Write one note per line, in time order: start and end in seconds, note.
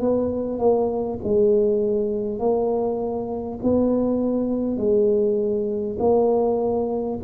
0.00 0.58 B3
0.58 1.18 A#3
1.23 2.39 G#3
2.39 3.59 A#3
3.63 4.77 B3
4.77 5.97 G#3
5.99 7.19 A#3